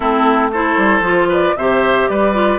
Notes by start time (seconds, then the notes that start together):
0.00 A3 C4 E4 A4
0.52 E4 A4 C5
0.77 G3
1.00 F3 F4
1.28 B4 D5
1.56 C3 G4 C5 E5
2.08 G3 B4 D5
2.33 F4